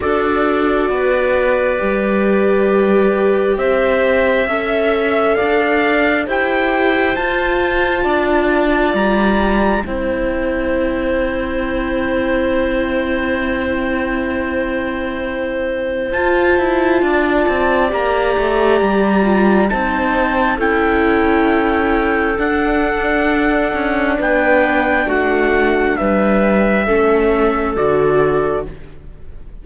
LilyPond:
<<
  \new Staff \with { instrumentName = "trumpet" } { \time 4/4 \tempo 4 = 67 d''1 | e''2 f''4 g''4 | a''2 ais''4 g''4~ | g''1~ |
g''2 a''2 | ais''2 a''4 g''4~ | g''4 fis''2 g''4 | fis''4 e''2 d''4 | }
  \new Staff \with { instrumentName = "clarinet" } { \time 4/4 a'4 b'2. | c''4 e''4 d''4 c''4~ | c''4 d''2 c''4~ | c''1~ |
c''2. d''4~ | d''2 c''4 a'4~ | a'2. b'4 | fis'4 b'4 a'2 | }
  \new Staff \with { instrumentName = "viola" } { \time 4/4 fis'2 g'2~ | g'4 a'2 g'4 | f'2. e'4~ | e'1~ |
e'2 f'2 | g'4. f'8 dis'4 e'4~ | e'4 d'2.~ | d'2 cis'4 fis'4 | }
  \new Staff \with { instrumentName = "cello" } { \time 4/4 d'4 b4 g2 | c'4 cis'4 d'4 e'4 | f'4 d'4 g4 c'4~ | c'1~ |
c'2 f'8 e'8 d'8 c'8 | ais8 a8 g4 c'4 cis'4~ | cis'4 d'4. cis'8 b4 | a4 g4 a4 d4 | }
>>